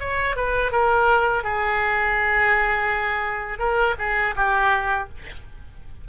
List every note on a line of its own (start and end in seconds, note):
0.00 0.36 C#5
0.36 0.72 B4
0.72 1.44 A#4
1.44 3.59 G#4
3.59 3.95 A#4
3.99 4.35 G#4
4.36 5.09 G4